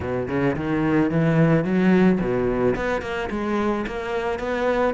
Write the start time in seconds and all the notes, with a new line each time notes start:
0.00 B2
0.28 C#3
0.56 D#3
1.10 E3
1.64 F#3
2.20 B2
2.75 B3
3.01 A#3
3.30 G#3
3.87 A#3
4.39 B3